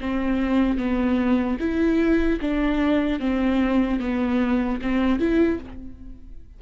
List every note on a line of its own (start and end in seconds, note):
0.00 0.77 C4
0.77 1.57 B3
1.59 2.39 E4
2.40 3.19 D4
3.19 3.99 C4
3.99 4.79 B3
4.81 5.19 C4
5.19 5.59 E4